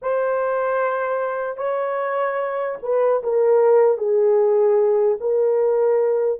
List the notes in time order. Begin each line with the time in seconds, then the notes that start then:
0.02 C5
1.57 C#5
2.82 B4
3.23 A#4
3.97 G#4
5.20 A#4